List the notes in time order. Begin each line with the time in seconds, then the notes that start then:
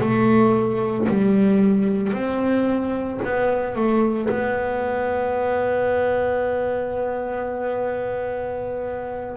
0.00 A3
1.08 G3
2.13 C4
3.24 B3
3.75 A3
4.29 B3